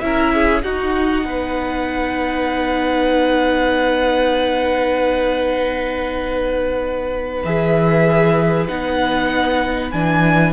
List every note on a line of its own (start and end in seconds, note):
0.00 0.63 C#4
0.00 0.63 E4
0.00 0.34 A#4
0.00 0.62 E5
0.34 0.64 G#4
0.62 1.25 D#4
0.62 7.45 D#4
0.62 1.26 F#4
0.62 7.43 F#5
1.25 7.43 B3
1.25 10.53 B4
7.44 8.68 E3
7.44 8.68 G#4
7.44 8.67 E5
8.67 9.92 B3
8.67 9.92 D#4
8.67 9.90 F#5
9.91 10.53 E3
9.91 10.53 D4
9.91 10.53 G#5